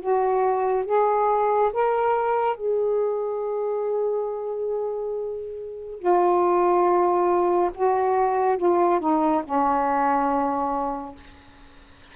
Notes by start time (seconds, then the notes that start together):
0.00 F#4
0.86 G#4
1.73 A#4
2.57 G#4
5.99 F4
7.75 F#4
8.57 F4
9.00 D#4
9.44 C#4